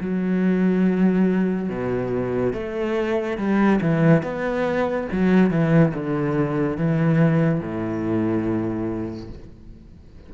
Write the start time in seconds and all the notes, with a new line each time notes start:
0.00 F#3
1.69 B2
2.53 A3
3.37 G3
3.81 E3
4.23 B3
5.12 F#3
5.50 E3
5.93 D3
6.77 E3
7.60 A2